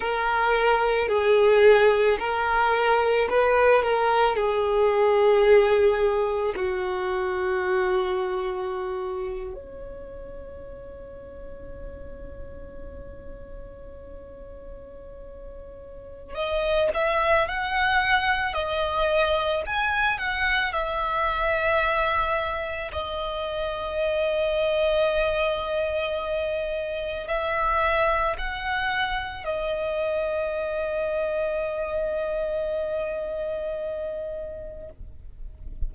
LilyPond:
\new Staff \with { instrumentName = "violin" } { \time 4/4 \tempo 4 = 55 ais'4 gis'4 ais'4 b'8 ais'8 | gis'2 fis'2~ | fis'8. cis''2.~ cis''16~ | cis''2. dis''8 e''8 |
fis''4 dis''4 gis''8 fis''8 e''4~ | e''4 dis''2.~ | dis''4 e''4 fis''4 dis''4~ | dis''1 | }